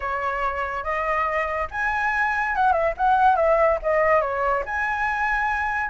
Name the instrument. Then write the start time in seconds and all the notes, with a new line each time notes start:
flute
0.00 C#5
0.83 D#5
1.71 G#5
2.55 F#5
2.72 E5
2.97 F#5
3.36 E5
3.82 D#5
4.21 C#5
4.65 G#5